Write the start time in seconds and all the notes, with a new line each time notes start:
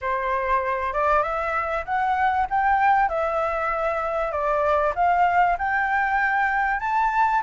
0.01 C5
0.93 D5
1.22 E5
1.85 F#5
2.50 G5
3.08 E5
4.31 D5
4.95 F5
5.58 G5
6.80 A5